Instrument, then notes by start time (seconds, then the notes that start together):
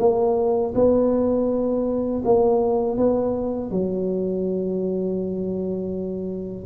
tuba
0.00 A#3
0.75 B3
2.25 A#3
2.98 B3
3.71 F#3